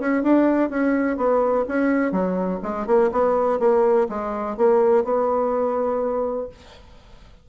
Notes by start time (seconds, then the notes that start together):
0.00 C#4
0.23 D4
0.70 C#4
1.17 B3
1.68 C#4
2.12 F#3
2.62 G#3
2.87 A#3
3.12 B3
3.60 A#3
4.09 G#3
4.57 A#3
5.05 B3